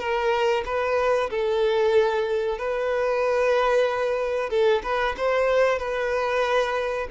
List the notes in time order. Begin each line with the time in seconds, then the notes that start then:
0.00 A#4
0.66 B4
1.31 A4
2.59 B4
4.50 A4
4.84 B4
5.18 C5
5.79 B4